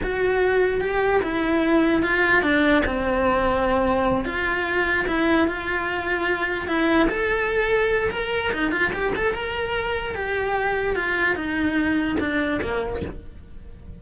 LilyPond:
\new Staff \with { instrumentName = "cello" } { \time 4/4 \tempo 4 = 148 fis'2 g'4 e'4~ | e'4 f'4 d'4 c'4~ | c'2~ c'8 f'4.~ | f'8 e'4 f'2~ f'8~ |
f'8 e'4 a'2~ a'8 | ais'4 dis'8 f'8 g'8 a'8 ais'4~ | ais'4 g'2 f'4 | dis'2 d'4 ais4 | }